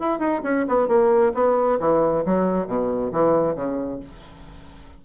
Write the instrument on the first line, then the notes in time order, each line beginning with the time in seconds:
bassoon
0.00 E4
0.20 D#4
0.44 C#4
0.69 B3
0.88 A#3
1.35 B3
1.80 E3
2.26 F#3
2.67 B2
3.13 E3
3.56 C#3